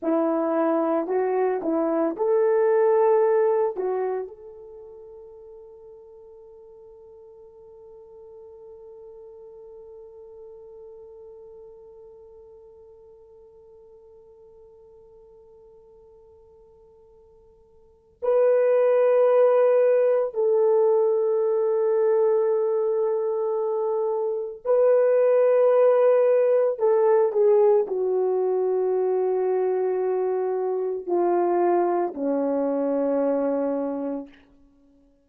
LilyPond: \new Staff \with { instrumentName = "horn" } { \time 4/4 \tempo 4 = 56 e'4 fis'8 e'8 a'4. fis'8 | a'1~ | a'1~ | a'1~ |
a'4 b'2 a'4~ | a'2. b'4~ | b'4 a'8 gis'8 fis'2~ | fis'4 f'4 cis'2 | }